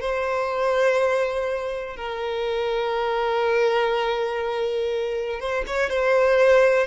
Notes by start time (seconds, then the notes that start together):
0.00 C5
1.96 A#4
5.40 C5
5.66 C#5
5.89 C5